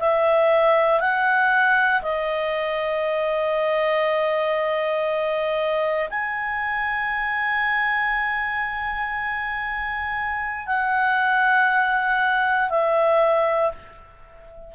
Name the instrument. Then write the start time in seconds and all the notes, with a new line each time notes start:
clarinet
0.00 E5
1.00 F#5
2.02 D#5
6.10 G#5
10.67 F#5
12.70 E5